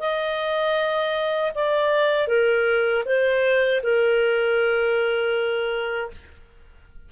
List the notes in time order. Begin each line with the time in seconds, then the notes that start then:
0.00 D#5
1.55 D5
2.28 A#4
3.06 C5
3.83 A#4